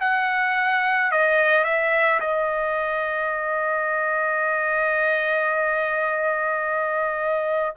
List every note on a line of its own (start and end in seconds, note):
0.00 1.11 F#5
1.11 1.64 D#5
1.64 2.20 E5
2.20 7.75 D#5